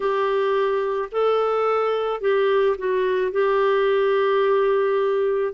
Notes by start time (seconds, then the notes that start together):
0.00 G4
1.11 A4
2.20 G4
2.78 F#4
3.31 G4